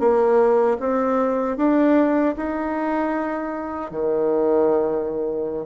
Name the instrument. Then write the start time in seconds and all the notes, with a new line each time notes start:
bassoon
0.00 A#3
0.80 C4
1.58 D4
2.37 D#4
3.92 D#3